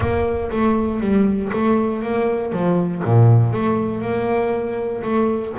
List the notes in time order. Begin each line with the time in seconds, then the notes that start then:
0.00 A#3
0.50 A3
1.00 G3
1.52 A3
2.02 A#3
2.52 F3
3.04 A#2
3.52 A3
4.01 A#3
5.02 A3